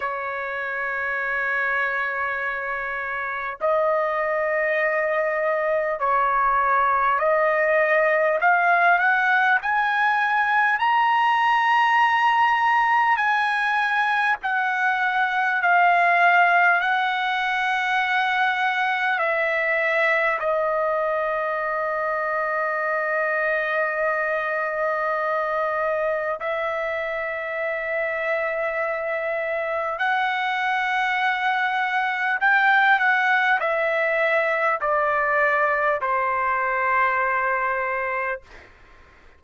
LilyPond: \new Staff \with { instrumentName = "trumpet" } { \time 4/4 \tempo 4 = 50 cis''2. dis''4~ | dis''4 cis''4 dis''4 f''8 fis''8 | gis''4 ais''2 gis''4 | fis''4 f''4 fis''2 |
e''4 dis''2.~ | dis''2 e''2~ | e''4 fis''2 g''8 fis''8 | e''4 d''4 c''2 | }